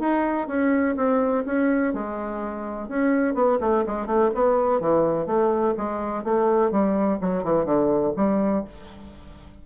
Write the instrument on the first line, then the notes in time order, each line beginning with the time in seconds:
bassoon
0.00 D#4
0.48 C#4
0.97 C4
1.46 C#4
1.94 G#3
2.89 C#4
3.35 B3
3.61 A3
3.87 G#3
4.07 A3
4.35 B3
4.81 E3
5.27 A3
5.78 G#3
6.24 A3
6.72 G3
7.21 F#3
7.44 E3
7.65 D3
8.17 G3